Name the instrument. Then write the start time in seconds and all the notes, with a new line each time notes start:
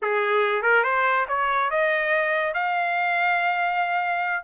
trumpet
0.01 G#4
0.62 A#4
0.83 C5
1.28 C#5
1.70 D#5
2.54 F5